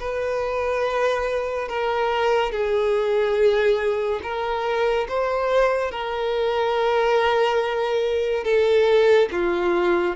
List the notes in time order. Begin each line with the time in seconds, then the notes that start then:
0.00 B4
1.69 A#4
2.52 G#4
4.23 A#4
5.09 C5
5.92 A#4
8.45 A4
9.32 F4